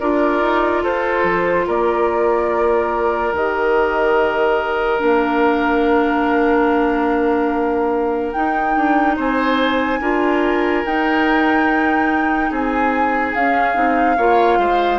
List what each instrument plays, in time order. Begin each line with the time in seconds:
0.00 bassoon D4, clarinet F4, oboe A#4, flute D5
0.42 bassoon D#4
0.82 bassoon F4, oboe A4, flute C5
1.23 bassoon F3
1.66 bassoon A#3, oboe A#4, flute D5
3.33 bassoon D#3, clarinet G4, flute D#5
4.99 bassoon A#3, clarinet D4, flute F5
8.32 clarinet D#4, bassoon D#4, flute G5
8.76 bassoon D4
9.16 bassoon C4, oboe C5, flute G#5
10.00 bassoon D4, clarinet F4, oboe A#4
10.85 bassoon D#4, clarinet D#4, flute G5
12.50 bassoon C4, oboe G#4, flute G#5
13.35 bassoon C#4, clarinet C#4, flute F5
13.74 bassoon C4, clarinet D#4
14.17 bassoon A#3, clarinet F4, oboe C#5
14.58 bassoon G#3, oboe C5